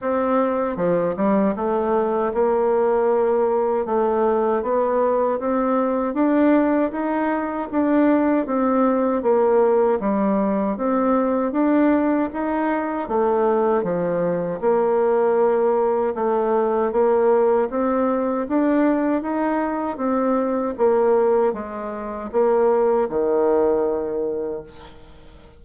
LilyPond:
\new Staff \with { instrumentName = "bassoon" } { \time 4/4 \tempo 4 = 78 c'4 f8 g8 a4 ais4~ | ais4 a4 b4 c'4 | d'4 dis'4 d'4 c'4 | ais4 g4 c'4 d'4 |
dis'4 a4 f4 ais4~ | ais4 a4 ais4 c'4 | d'4 dis'4 c'4 ais4 | gis4 ais4 dis2 | }